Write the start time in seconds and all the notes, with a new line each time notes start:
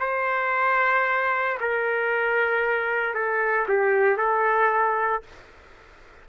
0.00 C5
1.61 A#4
3.14 A4
3.68 G4
4.17 A4